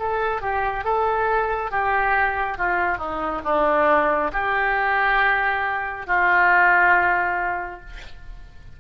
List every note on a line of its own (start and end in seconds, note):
0.00 0.42 A4
0.42 0.85 G4
0.85 1.71 A4
1.71 2.58 G4
2.58 2.98 F4
2.98 3.42 D#4
3.45 4.32 D4
4.33 6.07 G4
6.07 7.81 F4